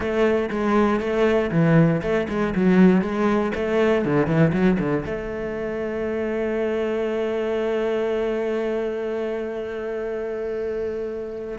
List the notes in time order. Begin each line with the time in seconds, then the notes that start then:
0.00 A3
0.50 G#3
0.99 A3
1.51 E3
2.02 A3
2.28 G#3
2.55 F#3
3.01 G#3
3.54 A3
4.05 D3
4.26 E3
4.52 F#3
4.79 D3
5.05 A3